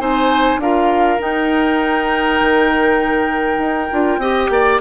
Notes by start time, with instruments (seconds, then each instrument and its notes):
0.00 bassoon C4, clarinet D#4, oboe C5, flute G#5
0.58 bassoon D4, clarinet F4, oboe A#4, flute F5
1.19 clarinet D#4, bassoon D#4, flute G5
2.41 bassoon D#3
3.59 bassoon D#4
3.92 bassoon D4, clarinet F4
4.19 bassoon C4, clarinet G4, oboe D#5
4.50 bassoon A#3, oboe D5